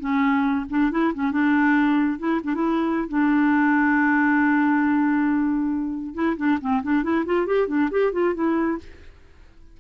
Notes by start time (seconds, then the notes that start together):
0.00 C#4
0.70 D4
0.91 E4
1.14 C#4
1.32 D4
2.19 E4
2.44 D4
2.55 E4
3.09 D4
6.15 E4
6.37 D4
6.61 C4
6.83 D4
7.03 E4
7.26 F4
7.47 G4
7.68 D4
7.91 G4
8.13 F4
8.35 E4